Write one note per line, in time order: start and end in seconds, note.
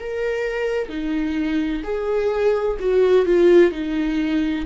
0.00 0.89 A#4
0.89 1.83 D#4
1.84 2.78 G#4
2.80 3.26 F#4
3.26 3.72 F4
3.72 4.66 D#4